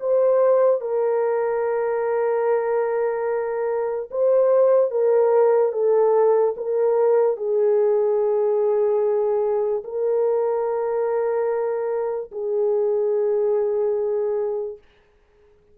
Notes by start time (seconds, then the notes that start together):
0.00 C5
0.81 A#4
4.11 C5
4.91 A#4
5.73 A4
6.57 A#4
7.37 G#4
9.84 A#4
12.32 G#4